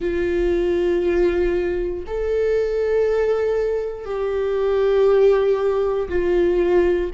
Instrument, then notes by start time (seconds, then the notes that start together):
viola
0.00 F4
2.07 A4
4.04 G4
6.08 F4